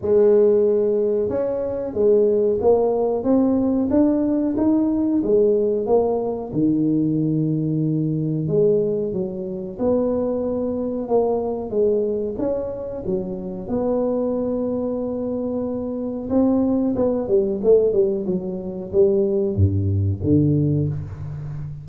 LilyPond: \new Staff \with { instrumentName = "tuba" } { \time 4/4 \tempo 4 = 92 gis2 cis'4 gis4 | ais4 c'4 d'4 dis'4 | gis4 ais4 dis2~ | dis4 gis4 fis4 b4~ |
b4 ais4 gis4 cis'4 | fis4 b2.~ | b4 c'4 b8 g8 a8 g8 | fis4 g4 g,4 d4 | }